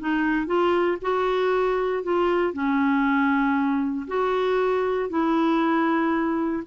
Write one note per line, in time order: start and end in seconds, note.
0.00 0.46 D#4
0.46 0.97 F4
1.02 2.03 F#4
2.03 2.53 F4
2.53 4.07 C#4
4.08 5.10 F#4
5.10 6.63 E4